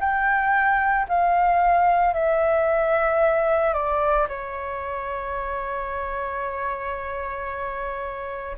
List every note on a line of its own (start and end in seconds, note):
0.00 1.07 G5
1.09 2.14 F5
2.14 3.74 E5
3.74 4.27 D5
4.29 8.57 C#5